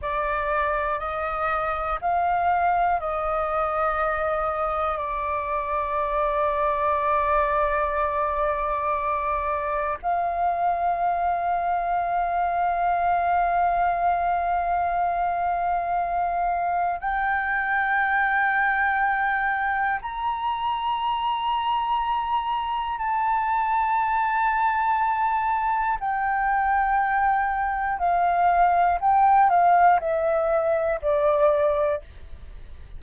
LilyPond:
\new Staff \with { instrumentName = "flute" } { \time 4/4 \tempo 4 = 60 d''4 dis''4 f''4 dis''4~ | dis''4 d''2.~ | d''2 f''2~ | f''1~ |
f''4 g''2. | ais''2. a''4~ | a''2 g''2 | f''4 g''8 f''8 e''4 d''4 | }